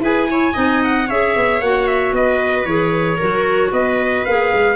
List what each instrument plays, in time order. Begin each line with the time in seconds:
0.00 tuba E4, clarinet G#4, viola B4, trumpet G#5
0.29 clarinet E4, viola C#5
0.54 tuba C4, clarinet D#4, viola D#5
0.84 trumpet F#5
1.08 tuba C#4, clarinet G#4, viola C#5, trumpet E5
1.36 tuba B3
1.61 tuba A#3, clarinet F#4, trumpet F#5
1.88 trumpet E5
2.13 tuba B3, viola B4, trumpet D#5
2.65 tuba E3, clarinet G#4, trumpet C#5
3.18 tuba F#3, clarinet F#4, viola A#4
3.72 tuba B3, viola B4, trumpet D#5
4.26 tuba A#3, clarinet G#4, trumpet F5
4.54 tuba G#3